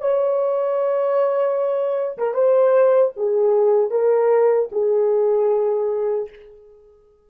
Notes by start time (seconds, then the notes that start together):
0.00 C#5
2.18 A#4
2.34 C5
3.17 G#4
3.91 A#4
4.72 G#4